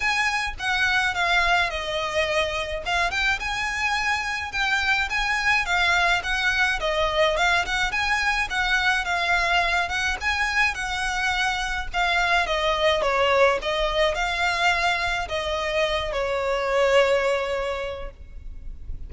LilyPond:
\new Staff \with { instrumentName = "violin" } { \time 4/4 \tempo 4 = 106 gis''4 fis''4 f''4 dis''4~ | dis''4 f''8 g''8 gis''2 | g''4 gis''4 f''4 fis''4 | dis''4 f''8 fis''8 gis''4 fis''4 |
f''4. fis''8 gis''4 fis''4~ | fis''4 f''4 dis''4 cis''4 | dis''4 f''2 dis''4~ | dis''8 cis''2.~ cis''8 | }